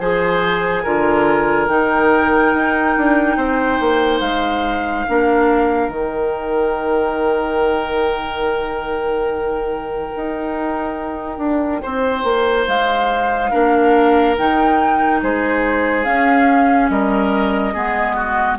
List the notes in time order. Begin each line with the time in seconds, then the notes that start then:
0.00 F3 G#4 C5 G#5
0.84 D3 F4 A#4
1.69 D#3 D#4 G5
2.54 D#4
2.97 D4
3.37 C4 C5
3.80 A#3
4.21 G#3 F5
5.08 A#3 D4 A#4
5.89 D#3 D#4 G5
10.16 D#4
11.38 D4
11.82 C4 C5
12.24 A#3
12.68 G#3 F5
13.51 A#3 D4 A#4
14.37 D#3 D#4 G5
15.22 G#3 G#4 C5
16.05 C#4 F5
16.89 G3 A#4 D#5
17.74 G#3 B3 G#4
18.16 F#4